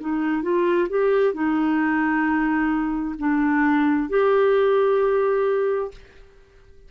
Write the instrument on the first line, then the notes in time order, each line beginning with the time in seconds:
clarinet
0.00 D#4
0.43 F4
0.89 G4
1.33 D#4
3.19 D4
4.10 G4